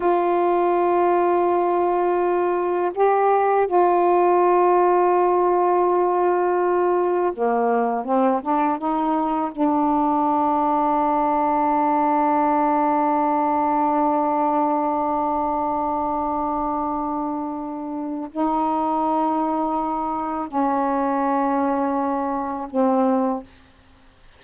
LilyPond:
\new Staff \with { instrumentName = "saxophone" } { \time 4/4 \tempo 4 = 82 f'1 | g'4 f'2.~ | f'2 ais4 c'8 d'8 | dis'4 d'2.~ |
d'1~ | d'1~ | d'4 dis'2. | cis'2. c'4 | }